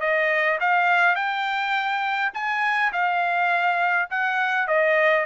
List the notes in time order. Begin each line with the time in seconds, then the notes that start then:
0.00 D#5
0.60 F5
1.15 G5
2.34 G#5
2.92 F5
4.10 F#5
4.67 D#5